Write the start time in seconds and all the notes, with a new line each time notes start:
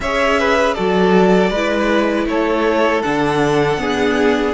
0.00 C#4 G#4 C#5 E5
0.39 B4
0.74 F#3 F#4 A4 D5
1.50 G#3 E4 B4
2.26 A3 A4 C#5
3.02 D3 D4 F#5
3.77 B3 D4 G#4